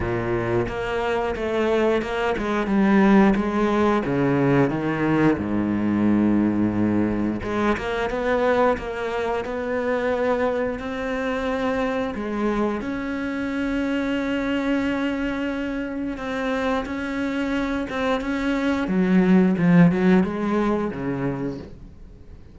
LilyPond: \new Staff \with { instrumentName = "cello" } { \time 4/4 \tempo 4 = 89 ais,4 ais4 a4 ais8 gis8 | g4 gis4 cis4 dis4 | gis,2. gis8 ais8 | b4 ais4 b2 |
c'2 gis4 cis'4~ | cis'1 | c'4 cis'4. c'8 cis'4 | fis4 f8 fis8 gis4 cis4 | }